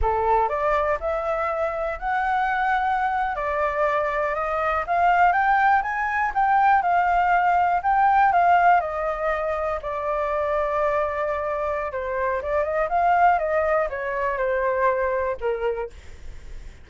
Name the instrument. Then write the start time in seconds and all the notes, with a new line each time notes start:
flute
0.01 A4
0.48 D5
0.99 E5
1.99 F#5
3.35 D5
4.34 D#5
4.86 F5
5.32 G5
5.82 G#5
6.34 G5
6.82 F5
7.82 G5
8.32 F5
8.80 D#5
9.82 D5
11.92 C5
12.42 D5
12.63 D#5
12.89 F5
13.39 D#5
13.89 C#5
14.37 C5
15.40 A#4